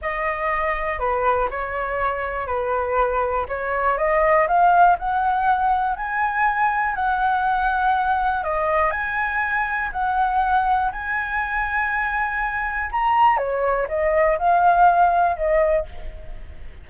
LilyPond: \new Staff \with { instrumentName = "flute" } { \time 4/4 \tempo 4 = 121 dis''2 b'4 cis''4~ | cis''4 b'2 cis''4 | dis''4 f''4 fis''2 | gis''2 fis''2~ |
fis''4 dis''4 gis''2 | fis''2 gis''2~ | gis''2 ais''4 cis''4 | dis''4 f''2 dis''4 | }